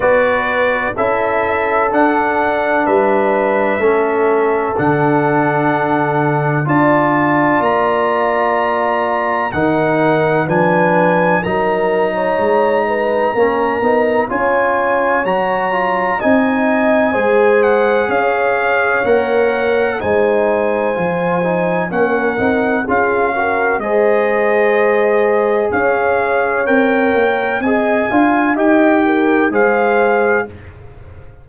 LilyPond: <<
  \new Staff \with { instrumentName = "trumpet" } { \time 4/4 \tempo 4 = 63 d''4 e''4 fis''4 e''4~ | e''4 fis''2 a''4 | ais''2 fis''4 gis''4 | ais''2. gis''4 |
ais''4 gis''4. fis''8 f''4 | fis''4 gis''2 fis''4 | f''4 dis''2 f''4 | g''4 gis''4 g''4 f''4 | }
  \new Staff \with { instrumentName = "horn" } { \time 4/4 b'4 a'2 b'4 | a'2. d''4~ | d''2 ais'4 b'4 | ais'8. cis''8. b'8 ais'4 cis''4~ |
cis''4 dis''4 c''4 cis''4~ | cis''4 c''2 ais'4 | gis'8 ais'8 c''2 cis''4~ | cis''4 dis''8 f''8 dis''8 ais'8 c''4 | }
  \new Staff \with { instrumentName = "trombone" } { \time 4/4 fis'4 e'4 d'2 | cis'4 d'2 f'4~ | f'2 dis'4 d'4 | dis'2 cis'8 dis'8 f'4 |
fis'8 f'8 dis'4 gis'2 | ais'4 dis'4 f'8 dis'8 cis'8 dis'8 | f'8 fis'8 gis'2. | ais'4 gis'8 f'8 g'4 gis'4 | }
  \new Staff \with { instrumentName = "tuba" } { \time 4/4 b4 cis'4 d'4 g4 | a4 d2 d'4 | ais2 dis4 f4 | fis4 gis4 ais8 b8 cis'4 |
fis4 c'4 gis4 cis'4 | ais4 gis4 f4 ais8 c'8 | cis'4 gis2 cis'4 | c'8 ais8 c'8 d'8 dis'4 gis4 | }
>>